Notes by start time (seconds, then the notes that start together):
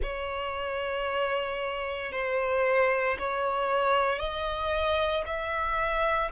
0.02 C#5
2.11 C5
3.18 C#5
4.18 D#5
5.26 E5